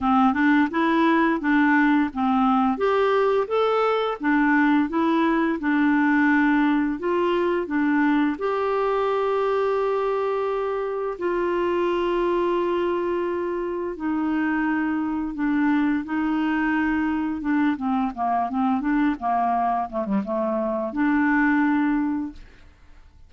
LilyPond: \new Staff \with { instrumentName = "clarinet" } { \time 4/4 \tempo 4 = 86 c'8 d'8 e'4 d'4 c'4 | g'4 a'4 d'4 e'4 | d'2 f'4 d'4 | g'1 |
f'1 | dis'2 d'4 dis'4~ | dis'4 d'8 c'8 ais8 c'8 d'8 ais8~ | ais8 a16 g16 a4 d'2 | }